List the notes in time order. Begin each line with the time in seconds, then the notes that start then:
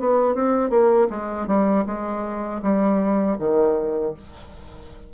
0.00 B3
0.35 C4
0.70 A#3
1.10 G#3
1.48 G3
1.87 G#3
2.62 G3
3.39 D#3